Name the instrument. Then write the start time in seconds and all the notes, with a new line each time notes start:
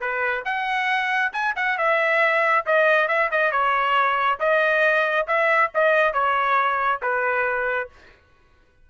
trumpet
0.00 B4
0.45 F#5
1.33 G#5
1.56 F#5
1.78 E5
2.66 D#5
3.08 E5
3.31 D#5
3.51 C#5
4.39 D#5
5.27 E5
5.74 D#5
6.13 C#5
7.02 B4